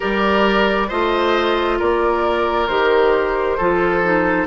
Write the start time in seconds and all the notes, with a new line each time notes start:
0.00 G3 G4 A#4 D5
0.88 A3 F4 C5 D#5
1.78 A#3 A#4 D5
2.67 D#3 G4 C5
3.57 F3 F4 A4
4.03 D#4